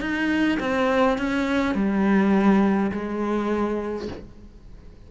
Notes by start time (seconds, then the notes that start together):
0.00 D#4
0.59 C4
1.18 C#4
1.74 G3
2.91 G#3